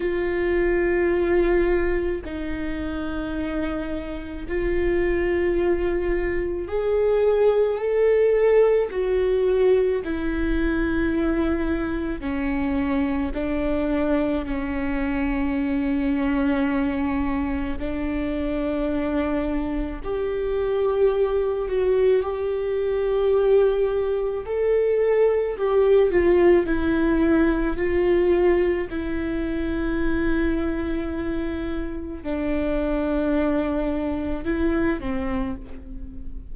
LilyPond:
\new Staff \with { instrumentName = "viola" } { \time 4/4 \tempo 4 = 54 f'2 dis'2 | f'2 gis'4 a'4 | fis'4 e'2 cis'4 | d'4 cis'2. |
d'2 g'4. fis'8 | g'2 a'4 g'8 f'8 | e'4 f'4 e'2~ | e'4 d'2 e'8 c'8 | }